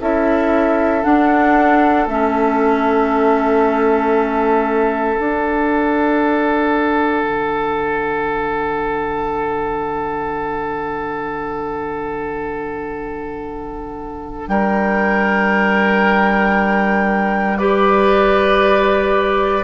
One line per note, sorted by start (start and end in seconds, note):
0.00 1.04 C#4
0.00 1.03 E4
0.00 14.48 A4
0.00 1.03 E5
1.03 2.06 D4
1.03 2.07 F#5
2.06 5.17 A3
2.06 5.16 C#4
2.06 5.17 E5
5.16 17.57 D4
5.16 7.23 D4
5.16 14.47 F#5
7.23 14.47 D3
14.47 19.63 G3
14.47 17.58 A#4
14.47 17.57 G5
17.57 19.63 G4
17.57 19.63 B4
17.57 19.63 D5